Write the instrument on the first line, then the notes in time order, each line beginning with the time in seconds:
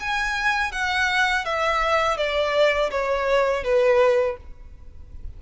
violin
0.00 G#5
0.72 F#5
1.45 E5
2.17 D5
2.91 C#5
3.64 B4